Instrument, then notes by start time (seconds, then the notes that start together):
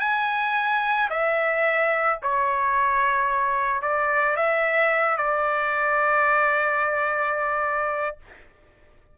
trumpet
0.00 G#5
1.11 E5
2.23 C#5
3.82 D5
4.37 E5
5.18 D5